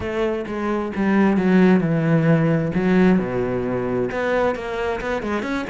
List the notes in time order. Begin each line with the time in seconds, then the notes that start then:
0.00 A3
0.46 G#3
0.95 G3
1.37 F#3
1.80 E3
2.74 F#3
3.19 B2
4.11 B3
4.55 A#3
5.01 B3
5.22 G#3
5.42 C#4